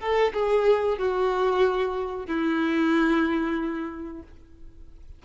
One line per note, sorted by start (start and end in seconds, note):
0.00 0.33 A4
0.33 0.98 G#4
0.98 2.27 F#4
2.27 4.22 E4